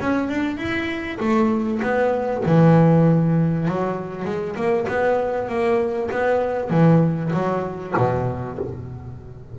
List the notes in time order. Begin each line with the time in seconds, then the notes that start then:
0.00 C#4
0.29 D4
0.57 E4
1.19 A3
1.82 B3
2.45 E3
3.67 F#3
4.25 G#3
4.56 A#3
4.88 B3
5.49 A#3
6.11 B3
6.70 E3
7.33 F#3
7.97 B2